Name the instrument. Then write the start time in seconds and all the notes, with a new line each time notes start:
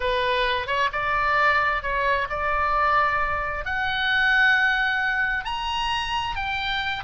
oboe
0.00 B4
0.67 C#5
0.92 D5
1.82 C#5
2.29 D5
3.65 F#5
5.44 A#5
6.35 G5